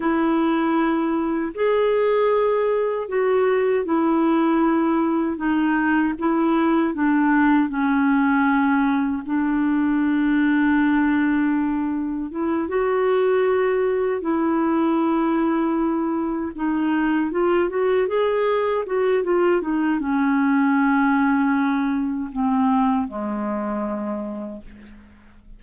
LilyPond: \new Staff \with { instrumentName = "clarinet" } { \time 4/4 \tempo 4 = 78 e'2 gis'2 | fis'4 e'2 dis'4 | e'4 d'4 cis'2 | d'1 |
e'8 fis'2 e'4.~ | e'4. dis'4 f'8 fis'8 gis'8~ | gis'8 fis'8 f'8 dis'8 cis'2~ | cis'4 c'4 gis2 | }